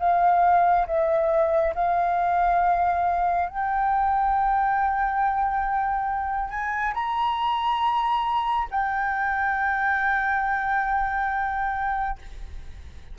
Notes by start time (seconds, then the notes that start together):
0.00 F5
0.87 E5
1.75 F5
3.49 G5
6.51 G#5
6.94 A#5
8.71 G5